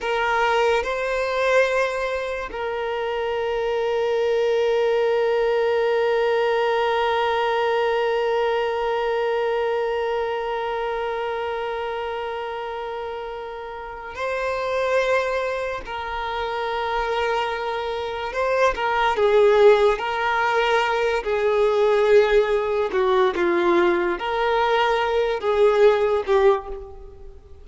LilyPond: \new Staff \with { instrumentName = "violin" } { \time 4/4 \tempo 4 = 72 ais'4 c''2 ais'4~ | ais'1~ | ais'1~ | ais'1~ |
ais'4 c''2 ais'4~ | ais'2 c''8 ais'8 gis'4 | ais'4. gis'2 fis'8 | f'4 ais'4. gis'4 g'8 | }